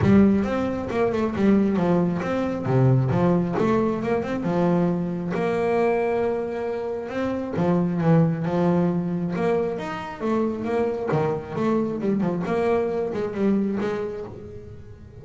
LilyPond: \new Staff \with { instrumentName = "double bass" } { \time 4/4 \tempo 4 = 135 g4 c'4 ais8 a8 g4 | f4 c'4 c4 f4 | a4 ais8 c'8 f2 | ais1 |
c'4 f4 e4 f4~ | f4 ais4 dis'4 a4 | ais4 dis4 a4 g8 f8 | ais4. gis8 g4 gis4 | }